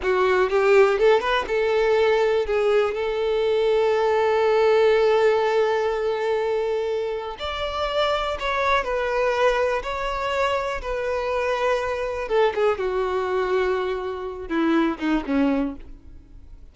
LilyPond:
\new Staff \with { instrumentName = "violin" } { \time 4/4 \tempo 4 = 122 fis'4 g'4 a'8 b'8 a'4~ | a'4 gis'4 a'2~ | a'1~ | a'2. d''4~ |
d''4 cis''4 b'2 | cis''2 b'2~ | b'4 a'8 gis'8 fis'2~ | fis'4. e'4 dis'8 cis'4 | }